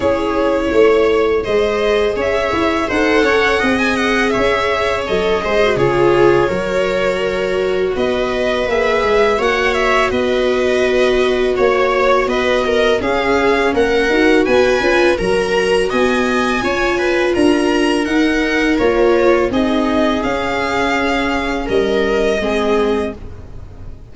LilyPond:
<<
  \new Staff \with { instrumentName = "violin" } { \time 4/4 \tempo 4 = 83 cis''2 dis''4 e''4 | fis''4~ fis''16 gis''16 fis''8 e''4 dis''4 | cis''2. dis''4 | e''4 fis''8 e''8 dis''2 |
cis''4 dis''4 f''4 fis''4 | gis''4 ais''4 gis''2 | ais''4 fis''4 cis''4 dis''4 | f''2 dis''2 | }
  \new Staff \with { instrumentName = "viola" } { \time 4/4 gis'4 cis''4 c''4 cis''4 | c''8 cis''8 dis''4 cis''4. c''8 | gis'4 ais'2 b'4~ | b'4 cis''4 b'2 |
cis''4 b'8 ais'8 gis'4 ais'4 | b'4 ais'4 dis''4 cis''8 b'8 | ais'2. gis'4~ | gis'2 ais'4 gis'4 | }
  \new Staff \with { instrumentName = "viola" } { \time 4/4 e'2 gis'2 | a'4 gis'2 a'8 gis'16 fis'16 | f'4 fis'2. | gis'4 fis'2.~ |
fis'2 cis'4. fis'8~ | fis'8 f'8 fis'2 f'4~ | f'4 dis'4 f'4 dis'4 | cis'2. c'4 | }
  \new Staff \with { instrumentName = "tuba" } { \time 4/4 cis'4 a4 gis4 cis'8 e'8 | dis'8 cis'8 c'4 cis'4 fis8 gis8 | cis4 fis2 b4 | ais8 gis8 ais4 b2 |
ais4 b4 cis'4 ais8 dis'8 | b8 cis'8 fis4 b4 cis'4 | d'4 dis'4 ais4 c'4 | cis'2 g4 gis4 | }
>>